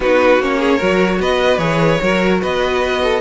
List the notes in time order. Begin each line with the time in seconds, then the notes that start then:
0.00 B3 D#4 F#4 B4
0.39 A#3 C#4 C#5
0.59 G#4
0.77 F#3 F#4 A#4
1.19 B3 B4 D#5
1.57 E3 G#4 C#5
2.02 F#3 F#4 A#4
2.41 B3 B4 D#5
3.03 A4